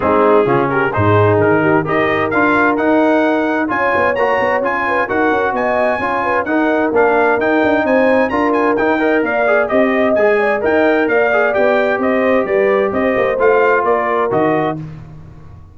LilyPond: <<
  \new Staff \with { instrumentName = "trumpet" } { \time 4/4 \tempo 4 = 130 gis'4. ais'8 c''4 ais'4 | dis''4 f''4 fis''2 | gis''4 ais''4 gis''4 fis''4 | gis''2 fis''4 f''4 |
g''4 gis''4 ais''8 gis''8 g''4 | f''4 dis''4 gis''4 g''4 | f''4 g''4 dis''4 d''4 | dis''4 f''4 d''4 dis''4 | }
  \new Staff \with { instrumentName = "horn" } { \time 4/4 dis'4 f'8 g'8 gis'4. g'8 | ais'1 | cis''2~ cis''8 b'8 ais'4 | dis''4 cis''8 b'8 ais'2~ |
ais'4 c''4 ais'4. dis''8 | d''4 dis''4. d''8 dis''4 | d''2 c''4 b'4 | c''2 ais'2 | }
  \new Staff \with { instrumentName = "trombone" } { \time 4/4 c'4 cis'4 dis'2 | g'4 f'4 dis'2 | f'4 fis'4 f'4 fis'4~ | fis'4 f'4 dis'4 d'4 |
dis'2 f'4 dis'8 ais'8~ | ais'8 gis'8 g'4 gis'4 ais'4~ | ais'8 gis'8 g'2.~ | g'4 f'2 fis'4 | }
  \new Staff \with { instrumentName = "tuba" } { \time 4/4 gis4 cis4 gis,4 dis4 | dis'4 d'4 dis'2 | cis'8 b8 ais8 b8 cis'4 dis'8 cis'8 | b4 cis'4 dis'4 ais4 |
dis'8 d'8 c'4 d'4 dis'4 | ais4 c'4 gis4 dis'4 | ais4 b4 c'4 g4 | c'8 ais8 a4 ais4 dis4 | }
>>